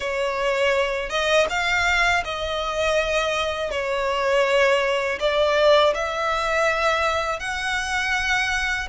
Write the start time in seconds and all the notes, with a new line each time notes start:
0.00 C#5
1.09 D#5
1.49 F5
2.24 D#5
3.70 C#5
5.19 D5
5.94 E5
7.39 F#5